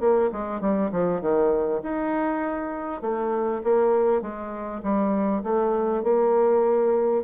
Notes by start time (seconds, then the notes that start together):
0.00 A#3
0.32 G#3
0.61 G3
0.92 F3
1.21 D#3
1.82 D#4
3.01 A3
3.64 A#3
4.21 G#3
4.83 G3
5.43 A3
6.03 A#3